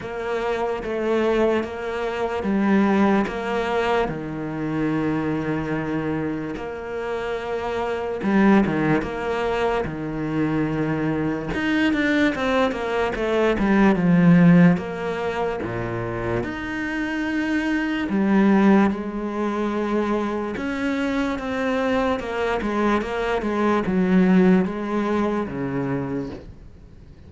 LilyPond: \new Staff \with { instrumentName = "cello" } { \time 4/4 \tempo 4 = 73 ais4 a4 ais4 g4 | ais4 dis2. | ais2 g8 dis8 ais4 | dis2 dis'8 d'8 c'8 ais8 |
a8 g8 f4 ais4 ais,4 | dis'2 g4 gis4~ | gis4 cis'4 c'4 ais8 gis8 | ais8 gis8 fis4 gis4 cis4 | }